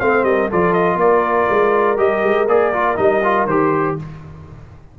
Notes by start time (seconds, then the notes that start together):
0.00 A3 C4 C5 F5
0.23 G3 A#4 D#5
0.51 F3 F4 A4 D5
0.74 D#5
0.96 A#3 A#4 D5
1.50 G#3
1.97 G3 G4 D#5
2.24 G#3
2.48 A#3 G#4 D5
2.73 F4
2.96 G3 D#4 D#5
3.24 F4
3.46 D#3 G4 C5